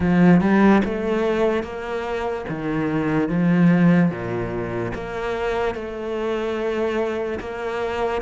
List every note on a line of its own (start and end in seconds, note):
0.00 0.40 F3
0.40 0.81 G3
0.84 1.63 A3
1.63 2.45 A#3
2.48 3.28 D#3
3.28 4.10 F3
4.10 4.92 A#2
4.94 5.74 A#3
5.74 7.39 A3
7.39 8.21 A#3